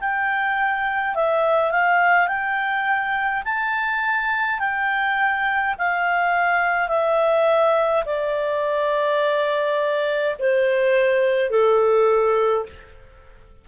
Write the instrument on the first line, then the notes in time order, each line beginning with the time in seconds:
clarinet
0.00 G5
1.15 E5
1.71 F5
2.28 G5
3.45 A5
4.59 G5
5.78 F5
6.88 E5
8.06 D5
10.39 C5
11.50 A4